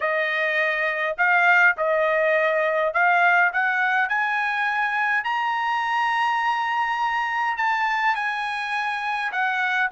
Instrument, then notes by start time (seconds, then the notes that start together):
trumpet
0.00 D#5
1.17 F5
1.77 D#5
2.93 F5
3.52 F#5
4.09 G#5
5.24 A#5
7.57 A5
8.15 G#5
9.32 F#5